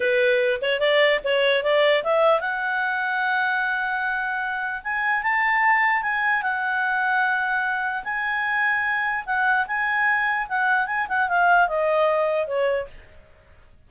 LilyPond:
\new Staff \with { instrumentName = "clarinet" } { \time 4/4 \tempo 4 = 149 b'4. cis''8 d''4 cis''4 | d''4 e''4 fis''2~ | fis''1 | gis''4 a''2 gis''4 |
fis''1 | gis''2. fis''4 | gis''2 fis''4 gis''8 fis''8 | f''4 dis''2 cis''4 | }